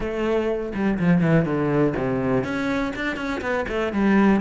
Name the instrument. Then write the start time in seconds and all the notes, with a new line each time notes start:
cello
0.00 A3
0.74 G3
0.99 F3
1.21 E3
1.45 D3
1.96 C3
2.44 C#4
2.95 D4
3.16 C#4
3.41 B3
3.68 A3
3.92 G3